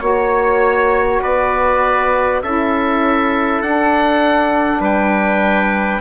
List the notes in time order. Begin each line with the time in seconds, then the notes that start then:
0.00 A#3 F#4 C#5
1.21 B3 B4 D5
2.42 C#4 E4 A4 E5
3.61 D4 F#5
4.79 G3 B4 G5